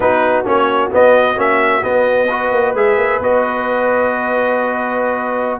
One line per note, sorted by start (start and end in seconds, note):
0.00 0.46 B3
0.00 0.44 D#4
0.00 2.27 F#4
0.00 0.45 B4
0.44 0.91 A#3
0.44 0.90 C#4
0.44 0.92 C#5
0.91 1.35 B3
0.91 1.37 B3
0.91 1.39 D#5
1.35 1.83 A#3
1.35 1.81 C#4
1.35 1.83 E5
1.82 2.28 B3
1.82 2.51 B3
1.82 2.75 D#5
2.27 2.75 F#4
2.27 5.59 B4
2.51 2.73 A#3
2.73 2.96 G#3
2.73 3.21 G#4
2.73 3.22 E5
2.96 3.19 A#3
3.20 5.60 B3
3.20 5.60 F#4
3.20 5.60 D#5